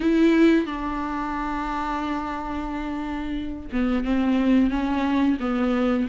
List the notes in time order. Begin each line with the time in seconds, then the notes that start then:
0.00 E4
0.66 D4
3.72 B3
4.04 C4
4.70 C#4
5.40 B3